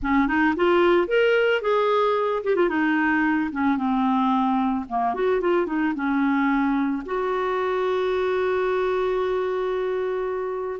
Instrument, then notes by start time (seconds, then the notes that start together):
clarinet
0.02 C#4
0.27 D#4
0.56 F4
1.07 A#4
1.61 G#4
2.43 G4
2.55 F4
2.69 D#4
3.51 C#4
3.77 C4
4.88 A#3
5.14 F#4
5.40 F4
5.66 D#4
5.95 C#4
7.05 F#4